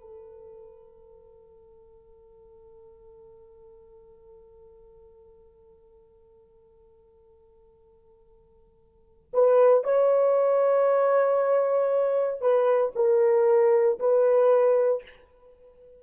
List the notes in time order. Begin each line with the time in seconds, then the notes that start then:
0.00 A4
9.33 B4
9.84 C#5
12.40 B4
12.95 A#4
13.99 B4